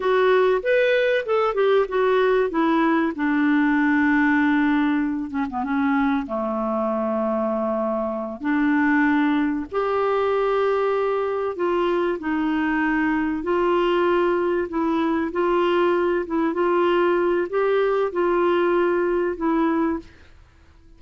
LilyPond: \new Staff \with { instrumentName = "clarinet" } { \time 4/4 \tempo 4 = 96 fis'4 b'4 a'8 g'8 fis'4 | e'4 d'2.~ | d'8 cis'16 b16 cis'4 a2~ | a4. d'2 g'8~ |
g'2~ g'8 f'4 dis'8~ | dis'4. f'2 e'8~ | e'8 f'4. e'8 f'4. | g'4 f'2 e'4 | }